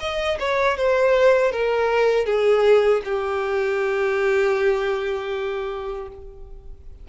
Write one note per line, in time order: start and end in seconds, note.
0.00 0.38 D#5
0.40 0.77 C#5
0.77 1.52 C5
1.52 2.26 A#4
2.26 3.02 G#4
3.04 6.08 G4